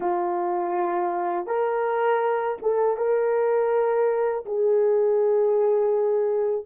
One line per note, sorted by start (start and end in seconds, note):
0.00 1.46 F4
1.46 2.57 A#4
2.62 2.96 A4
2.96 4.44 A#4
4.45 6.65 G#4